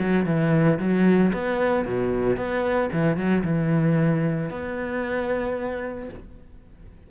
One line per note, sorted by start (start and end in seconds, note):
0.00 0.26 F#3
0.26 0.79 E3
0.79 1.33 F#3
1.33 1.86 B3
1.86 2.37 B2
2.37 2.90 B3
2.93 3.17 E3
3.17 3.44 F#3
3.44 4.50 E3
4.50 6.10 B3